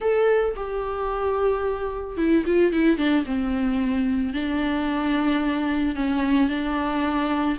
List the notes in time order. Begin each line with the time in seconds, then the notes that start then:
0.00 A4
0.56 G4
2.17 E4
2.46 F4
2.72 E4
2.97 D4
3.25 C4
4.33 D4
5.95 C#4
6.49 D4